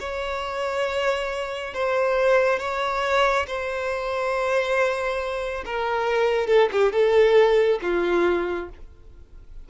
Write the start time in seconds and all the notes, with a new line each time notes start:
0.00 C#5
1.74 C5
2.60 C#5
3.47 C5
5.66 A#4
6.47 A4
6.72 G4
6.92 A4
7.82 F4